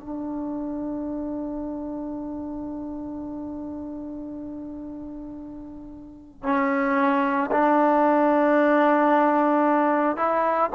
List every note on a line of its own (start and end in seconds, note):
0.00 6.43 D4
6.43 7.50 C#4
7.51 10.17 D4
10.17 10.70 E4